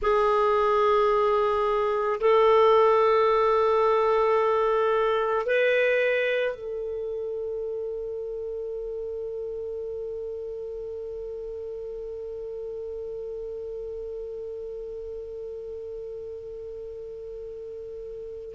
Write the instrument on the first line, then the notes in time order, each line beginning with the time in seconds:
clarinet
0.01 G#4
2.20 A4
5.45 B4
6.55 A4